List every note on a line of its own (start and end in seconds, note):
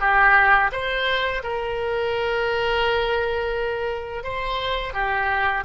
0.00 0.71 G4
0.72 1.42 C5
1.43 4.23 A#4
4.23 4.93 C5
4.93 5.64 G4